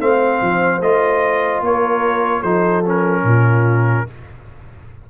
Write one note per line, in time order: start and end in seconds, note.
0.00 0.41 A3
0.00 0.81 C4
0.00 1.65 C5
0.00 0.82 F5
0.42 0.81 F3
0.81 1.61 A3
0.81 2.44 F4
0.81 1.63 D#5
1.61 2.42 A#3
1.61 2.40 A#4
1.61 2.42 C#5
2.40 3.23 F3
2.40 2.84 D#4
2.40 3.21 A4
2.40 2.83 C5
2.85 4.07 C#4
2.85 4.10 A#4
3.23 4.04 A#2
3.23 4.06 F4